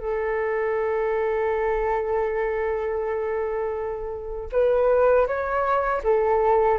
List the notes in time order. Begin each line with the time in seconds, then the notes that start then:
0.00 A4
4.52 B4
5.27 C#5
6.04 A4